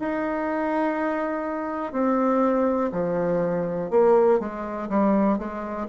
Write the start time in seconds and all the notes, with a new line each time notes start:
0.00 D#4
1.93 C4
2.92 F3
3.91 A#3
4.40 G#3
4.90 G3
5.39 G#3